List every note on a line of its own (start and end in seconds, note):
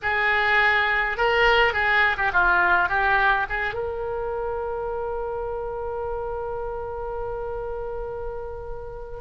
0.02 1.17 G#4
1.17 1.73 A#4
1.73 2.16 G#4
2.17 2.31 G4
2.32 2.88 F4
2.88 3.46 G4
3.49 3.74 G#4
3.74 9.20 A#4